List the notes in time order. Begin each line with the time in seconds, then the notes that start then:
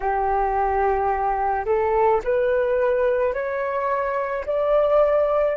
0.00 G4
1.65 A4
2.24 B4
3.33 C#5
4.45 D5